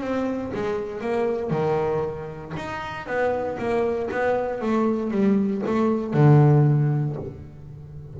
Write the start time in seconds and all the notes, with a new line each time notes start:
0.00 C4
0.54 G#3
1.01 A#3
1.50 D#3
2.56 D#4
3.06 B3
3.58 A#3
4.11 B3
4.61 A3
5.10 G3
5.66 A3
6.13 D3